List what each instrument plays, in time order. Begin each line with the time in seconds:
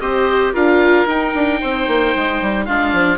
0.00 bassoon C4, viola G4, oboe C5 D#5
0.53 bassoon D4, viola F4, oboe A#4 F5
1.06 bassoon D#4, viola D#4, oboe G5
1.34 bassoon D4
1.61 bassoon C4, oboe C5
1.87 bassoon A#3
2.15 bassoon G#3
2.41 bassoon G3
2.65 bassoon G#3, viola D4, oboe F4 F5
2.93 bassoon F3